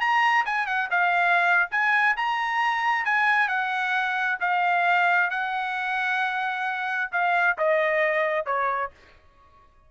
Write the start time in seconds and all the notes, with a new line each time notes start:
0.00 A#5
0.45 G#5
0.66 F#5
0.90 F5
1.71 G#5
2.17 A#5
3.05 G#5
3.48 F#5
4.40 F5
5.30 F#5
7.12 F5
7.58 D#5
8.46 C#5